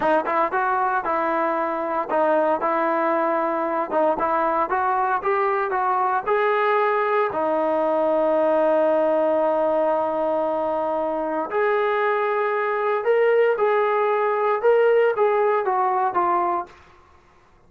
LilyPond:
\new Staff \with { instrumentName = "trombone" } { \time 4/4 \tempo 4 = 115 dis'8 e'8 fis'4 e'2 | dis'4 e'2~ e'8 dis'8 | e'4 fis'4 g'4 fis'4 | gis'2 dis'2~ |
dis'1~ | dis'2 gis'2~ | gis'4 ais'4 gis'2 | ais'4 gis'4 fis'4 f'4 | }